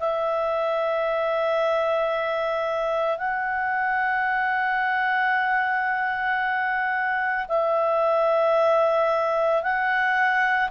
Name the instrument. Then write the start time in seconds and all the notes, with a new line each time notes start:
clarinet
0.00 E5
3.18 F#5
7.49 E5
9.63 F#5